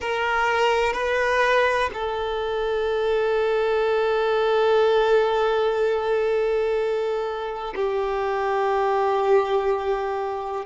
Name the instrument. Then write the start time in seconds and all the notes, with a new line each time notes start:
violin
0.00 A#4
0.93 B4
1.93 A4
7.75 G4